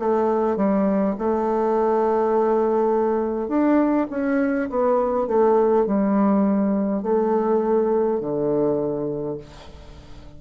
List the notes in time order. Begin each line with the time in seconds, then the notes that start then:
0.00 A3
0.57 G3
1.19 A3
3.49 D4
4.11 C#4
4.70 B3
5.28 A3
5.87 G3
7.03 A3
8.20 D3